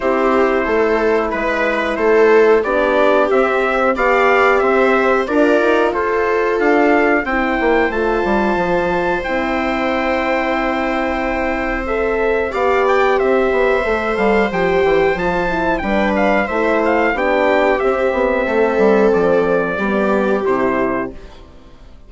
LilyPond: <<
  \new Staff \with { instrumentName = "trumpet" } { \time 4/4 \tempo 4 = 91 c''2 b'4 c''4 | d''4 e''4 f''4 e''4 | d''4 c''4 f''4 g''4 | a''2 g''2~ |
g''2 e''4 f''8 g''8 | e''4. f''8 g''4 a''4 | g''8 f''8 e''8 f''8 g''4 e''4~ | e''4 d''2 c''4 | }
  \new Staff \with { instrumentName = "viola" } { \time 4/4 g'4 a'4 b'4 a'4 | g'2 d''4 c''4 | ais'4 a'2 c''4~ | c''1~ |
c''2. d''4 | c''1 | b'4 c''4 g'2 | a'2 g'2 | }
  \new Staff \with { instrumentName = "horn" } { \time 4/4 e'1 | d'4 c'4 g'2 | f'2. e'4 | f'2 e'2~ |
e'2 a'4 g'4~ | g'4 a'4 g'4 f'8 e'8 | d'4 e'4 d'4 c'4~ | c'2 b4 e'4 | }
  \new Staff \with { instrumentName = "bassoon" } { \time 4/4 c'4 a4 gis4 a4 | b4 c'4 b4 c'4 | d'8 dis'8 f'4 d'4 c'8 ais8 | a8 g8 f4 c'2~ |
c'2. b4 | c'8 b8 a8 g8 f8 e8 f4 | g4 a4 b4 c'8 b8 | a8 g8 f4 g4 c4 | }
>>